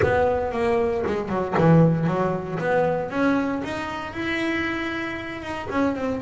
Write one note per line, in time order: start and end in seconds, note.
0.02 0.52 B3
0.52 1.03 A#3
1.06 1.28 G#3
1.28 1.54 F#3
1.57 2.07 E3
2.07 2.58 F#3
2.59 3.10 B3
3.10 3.62 C#4
3.63 4.13 D#4
4.13 5.42 E4
5.42 5.68 D#4
5.70 5.95 C#4
5.95 6.21 C4